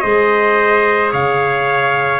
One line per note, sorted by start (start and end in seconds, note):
0.00 1.13 G#3
0.00 2.20 G#4
0.00 1.12 C5
0.00 1.09 D#5
1.12 2.20 C#3
1.12 2.20 C#5
1.12 2.20 F5